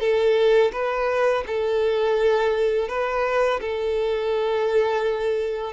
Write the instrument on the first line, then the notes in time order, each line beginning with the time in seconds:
violin
0.00 A4
0.72 B4
1.47 A4
2.89 B4
3.61 A4